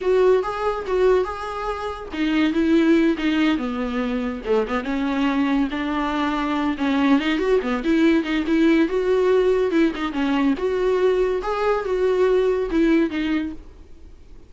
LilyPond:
\new Staff \with { instrumentName = "viola" } { \time 4/4 \tempo 4 = 142 fis'4 gis'4 fis'4 gis'4~ | gis'4 dis'4 e'4. dis'8~ | dis'8 b2 a8 b8 cis'8~ | cis'4. d'2~ d'8 |
cis'4 dis'8 fis'8 b8 e'4 dis'8 | e'4 fis'2 e'8 dis'8 | cis'4 fis'2 gis'4 | fis'2 e'4 dis'4 | }